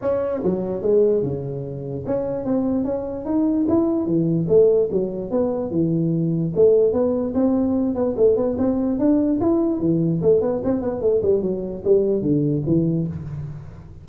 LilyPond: \new Staff \with { instrumentName = "tuba" } { \time 4/4 \tempo 4 = 147 cis'4 fis4 gis4 cis4~ | cis4 cis'4 c'4 cis'4 | dis'4 e'4 e4 a4 | fis4 b4 e2 |
a4 b4 c'4. b8 | a8 b8 c'4 d'4 e'4 | e4 a8 b8 c'8 b8 a8 g8 | fis4 g4 d4 e4 | }